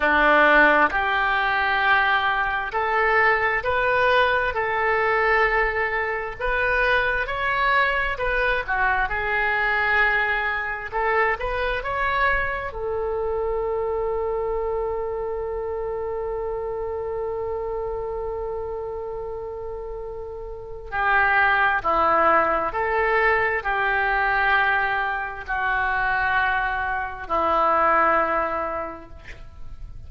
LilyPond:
\new Staff \with { instrumentName = "oboe" } { \time 4/4 \tempo 4 = 66 d'4 g'2 a'4 | b'4 a'2 b'4 | cis''4 b'8 fis'8 gis'2 | a'8 b'8 cis''4 a'2~ |
a'1~ | a'2. g'4 | e'4 a'4 g'2 | fis'2 e'2 | }